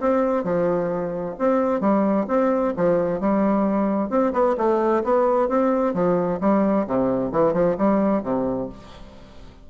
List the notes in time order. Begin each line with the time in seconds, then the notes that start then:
0.00 C4
0.44 F3
1.38 C4
1.80 G3
2.28 C4
2.76 F3
3.20 G3
4.10 C4
4.33 B3
4.57 A3
5.04 B3
5.48 C4
5.94 F3
6.40 G3
6.87 C3
7.31 E3
7.53 F3
7.77 G3
8.23 C3